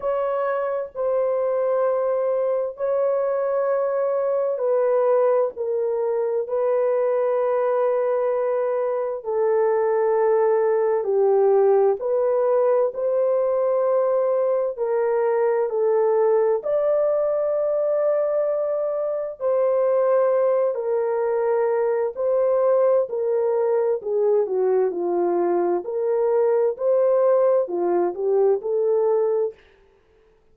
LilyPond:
\new Staff \with { instrumentName = "horn" } { \time 4/4 \tempo 4 = 65 cis''4 c''2 cis''4~ | cis''4 b'4 ais'4 b'4~ | b'2 a'2 | g'4 b'4 c''2 |
ais'4 a'4 d''2~ | d''4 c''4. ais'4. | c''4 ais'4 gis'8 fis'8 f'4 | ais'4 c''4 f'8 g'8 a'4 | }